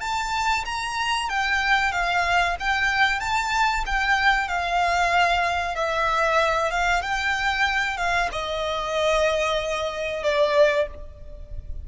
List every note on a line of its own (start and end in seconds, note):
0.00 0.64 A5
0.65 1.29 A#5
1.29 1.91 G5
1.91 2.55 F5
2.59 3.20 G5
3.20 3.84 A5
3.86 4.48 G5
4.48 5.75 F5
5.75 6.70 E5
6.70 7.02 F5
7.02 7.97 G5
7.97 8.29 F5
8.32 10.23 D#5
10.23 10.87 D5